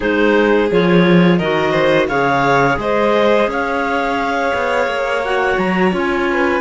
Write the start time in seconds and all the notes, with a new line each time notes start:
0.00 G#3 D#4 G#4 C5
0.71 F3 F4 C#5
1.37 D#3 F#4 A#4 D#5
1.71 C5
2.08 C#3 G#4 C#5 F5
2.77 G#3 C5 D#5
3.47 C#4 C#5 F5
4.54 B3
4.86 A#3
5.24 F#4 F#5
5.58 F#3 A#5
5.91 C#4 F4
5.98 G#5
6.31 B4